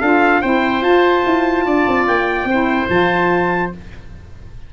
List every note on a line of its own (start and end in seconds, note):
0.00 0.42 D4
0.00 0.42 F4
0.00 0.41 A4
0.00 0.41 F5
0.41 0.81 C4
0.41 0.83 E4
0.41 1.64 C5
0.41 0.83 G5
0.81 1.22 F4
0.81 2.47 F4
0.81 2.06 A5
1.25 1.65 E4
1.65 1.86 D4
1.65 2.48 D5
1.87 2.08 C4
2.07 2.44 A#3
2.07 2.89 G5
2.44 2.85 C4
2.44 2.90 E4
2.44 3.73 C5
2.89 3.71 F3
2.89 3.72 F4
2.89 3.71 A5